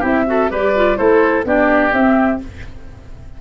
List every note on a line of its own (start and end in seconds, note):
0.00 0.50 C4
0.00 0.26 E4
0.00 0.24 G4
0.00 0.53 E5
0.26 0.49 F#4
0.26 0.51 A4
0.49 0.98 G3
0.49 0.73 G4
0.49 0.98 B4
0.49 0.97 D5
0.76 0.97 F4
0.97 1.45 A3
0.97 1.44 E4
0.97 1.45 A4
0.97 1.44 C5
1.45 1.92 B3
1.45 1.92 D4
1.45 2.41 G4
1.45 1.94 D5
1.92 2.39 C4
1.92 2.40 C4
1.92 2.41 E5